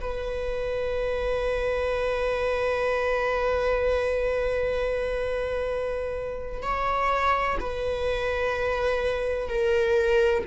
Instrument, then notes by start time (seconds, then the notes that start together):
viola
0.00 B4
6.62 C#5
7.60 B4
9.48 A#4